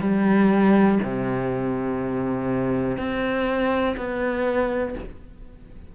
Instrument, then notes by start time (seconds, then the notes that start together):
cello
0.00 G3
1.03 C3
2.97 C4
3.96 B3